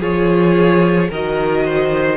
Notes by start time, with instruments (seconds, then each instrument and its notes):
0.00 cello F3, viola F4, violin G#4 C#5
1.09 cello D#3, viola F#4, violin A#4 D#5
1.65 violin C5